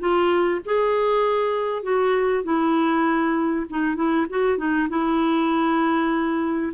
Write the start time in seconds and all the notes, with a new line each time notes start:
0.00 F4
0.66 G#4
1.83 F#4
2.44 E4
3.70 D#4
3.96 E4
4.30 F#4
4.58 D#4
4.90 E4